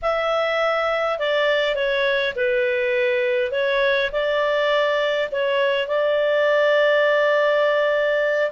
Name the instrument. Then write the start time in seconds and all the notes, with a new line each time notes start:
clarinet
0.02 E5
1.18 D5
1.75 C#5
2.35 B4
3.51 C#5
4.11 D5
5.31 C#5
5.87 D5